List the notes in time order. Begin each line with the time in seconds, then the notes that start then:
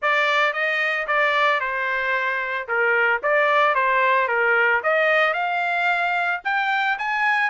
0.01 D5
0.53 D#5
1.07 D5
1.60 C5
2.67 A#4
3.23 D5
3.75 C5
4.27 A#4
4.83 D#5
5.33 F5
6.44 G5
6.98 G#5